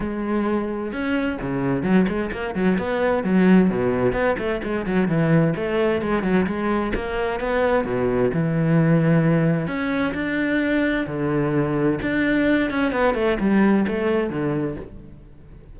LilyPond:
\new Staff \with { instrumentName = "cello" } { \time 4/4 \tempo 4 = 130 gis2 cis'4 cis4 | fis8 gis8 ais8 fis8 b4 fis4 | b,4 b8 a8 gis8 fis8 e4 | a4 gis8 fis8 gis4 ais4 |
b4 b,4 e2~ | e4 cis'4 d'2 | d2 d'4. cis'8 | b8 a8 g4 a4 d4 | }